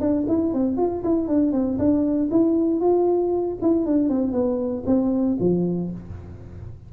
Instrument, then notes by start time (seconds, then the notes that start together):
tuba
0.00 D4
0.28 E4
0.53 C4
0.77 F4
1.03 E4
1.28 D4
1.52 C4
1.78 D4
2.31 E4
2.80 F4
3.62 E4
3.86 D4
4.09 C4
4.32 B3
4.86 C4
5.39 F3